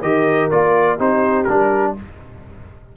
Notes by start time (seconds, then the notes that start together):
0.00 D#3 G4 A#4 D#5
0.51 A#3 F4 D5
0.98 C4 D#4 G4 C5
1.44 G3 D4 A#4